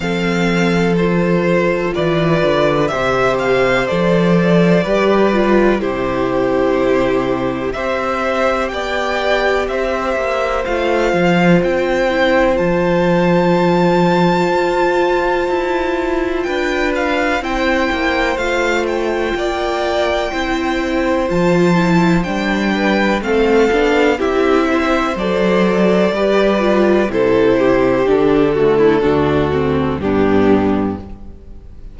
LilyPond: <<
  \new Staff \with { instrumentName = "violin" } { \time 4/4 \tempo 4 = 62 f''4 c''4 d''4 e''8 f''8 | d''2 c''2 | e''4 g''4 e''4 f''4 | g''4 a''2.~ |
a''4 g''8 f''8 g''4 f''8 g''8~ | g''2 a''4 g''4 | f''4 e''4 d''2 | c''4 a'2 g'4 | }
  \new Staff \with { instrumentName = "violin" } { \time 4/4 a'2 b'4 c''4~ | c''4 b'4 g'2 | c''4 d''4 c''2~ | c''1~ |
c''4 b'4 c''2 | d''4 c''2~ c''8 b'8 | a'4 g'8 c''4. b'4 | a'8 g'4 fis'16 e'16 fis'4 d'4 | }
  \new Staff \with { instrumentName = "viola" } { \time 4/4 c'4 f'2 g'4 | a'4 g'8 f'8 e'2 | g'2. f'4~ | f'8 e'8 f'2.~ |
f'2 e'4 f'4~ | f'4 e'4 f'8 e'8 d'4 | c'8 d'8 e'4 a'4 g'8 f'8 | e'4 d'8 a8 d'8 c'8 b4 | }
  \new Staff \with { instrumentName = "cello" } { \time 4/4 f2 e8 d8 c4 | f4 g4 c2 | c'4 b4 c'8 ais8 a8 f8 | c'4 f2 f'4 |
e'4 d'4 c'8 ais8 a4 | ais4 c'4 f4 g4 | a8 b8 c'4 fis4 g4 | c4 d4 d,4 g,4 | }
>>